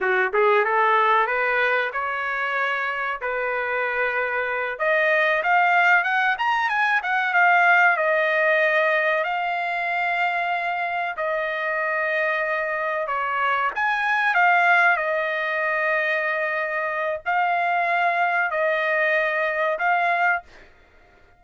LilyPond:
\new Staff \with { instrumentName = "trumpet" } { \time 4/4 \tempo 4 = 94 fis'8 gis'8 a'4 b'4 cis''4~ | cis''4 b'2~ b'8 dis''8~ | dis''8 f''4 fis''8 ais''8 gis''8 fis''8 f''8~ | f''8 dis''2 f''4.~ |
f''4. dis''2~ dis''8~ | dis''8 cis''4 gis''4 f''4 dis''8~ | dis''2. f''4~ | f''4 dis''2 f''4 | }